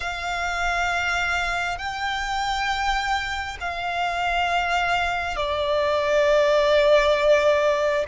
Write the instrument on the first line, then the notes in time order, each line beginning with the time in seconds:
violin
0.00 F5
1.77 G5
3.60 F5
5.36 D5